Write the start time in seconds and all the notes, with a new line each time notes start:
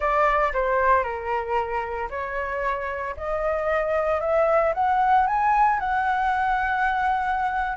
0.00 D5
0.53 C5
1.03 A#4
2.10 C#5
3.16 D#5
4.20 E5
4.74 F#5
5.27 G#5
5.79 F#5